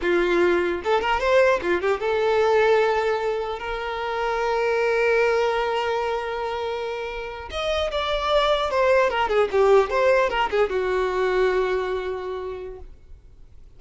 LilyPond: \new Staff \with { instrumentName = "violin" } { \time 4/4 \tempo 4 = 150 f'2 a'8 ais'8 c''4 | f'8 g'8 a'2.~ | a'4 ais'2.~ | ais'1~ |
ais'2~ ais'8. dis''4 d''16~ | d''4.~ d''16 c''4 ais'8 gis'8 g'16~ | g'8. c''4 ais'8 gis'8 fis'4~ fis'16~ | fis'1 | }